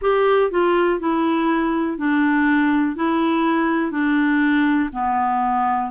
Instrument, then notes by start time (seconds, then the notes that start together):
clarinet
0.01 G4
0.51 F4
0.99 E4
1.97 D4
2.96 E4
3.91 D4
4.92 B3